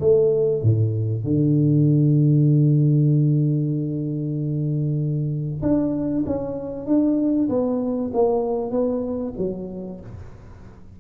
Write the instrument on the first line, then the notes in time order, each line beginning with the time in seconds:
tuba
0.00 A3
0.62 A2
1.24 D3
5.62 D4
6.26 C#4
6.86 D4
7.49 B3
8.13 A#3
8.71 B3
9.38 F#3